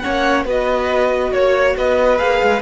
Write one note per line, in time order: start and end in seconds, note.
0.00 0.45 A#3
0.00 0.46 C#4
0.00 0.45 C#5
0.00 0.43 F#5
0.45 1.32 B3
0.45 2.18 F#4
0.45 1.32 B4
0.45 1.33 D#5
1.33 1.76 A#3
1.33 1.76 C#5
1.33 1.77 C#5
1.77 2.20 B3
1.77 2.62 B4
1.77 2.19 D#5
2.18 2.42 A#3
2.18 2.62 G#4
2.18 2.62 F5
2.43 2.62 G#3